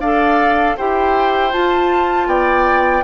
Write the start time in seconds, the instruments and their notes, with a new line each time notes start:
0.00 bassoon D4, clarinet A4, oboe D5, flute F5
0.77 bassoon E4, clarinet G4, oboe C5, flute G5
1.52 clarinet F4, bassoon F4, flute A5
2.27 bassoon B3, oboe D5, flute G5